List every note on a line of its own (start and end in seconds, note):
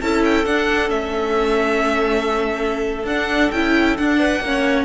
0.00 0.45 C#4
0.00 0.45 E4
0.00 4.18 A4
0.00 0.23 A5
0.24 0.45 G5
0.45 0.90 D4
0.45 0.88 D4
0.45 0.89 F#5
0.88 3.04 A3
0.88 3.04 C#4
0.88 3.05 E5
3.04 3.49 D4
3.04 3.53 D4
3.04 3.51 F#5
3.51 3.97 C#4
3.51 3.98 E4
3.51 3.96 G5
3.97 4.40 D4
3.97 4.43 D4
3.97 4.85 F#5
4.18 4.41 B4
4.40 4.85 A#3
4.40 4.85 C#4
4.40 4.85 C#5